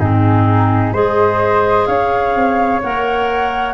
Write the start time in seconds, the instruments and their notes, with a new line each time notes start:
0.00 tuba G#2, clarinet C4, flute D#4 G#4
0.93 tuba G#3, clarinet G#4, flute C5 D#5
1.87 tuba C#4, flute C#5 F5
2.35 tuba C4
2.82 tuba A#3, clarinet A#4, flute F#5